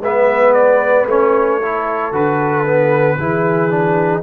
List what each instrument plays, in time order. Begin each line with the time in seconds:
0.00 tuba G#3, trombone B3, horn B4, trumpet E5
0.54 trumpet D5
1.07 tuba A3, trombone C#4, trumpet C#5
1.59 trombone E4, horn A4
2.12 tuba D3, trombone F#4, trumpet B4
2.66 trombone B3
3.18 tuba E3, trombone E4, horn G#4
3.70 trombone D4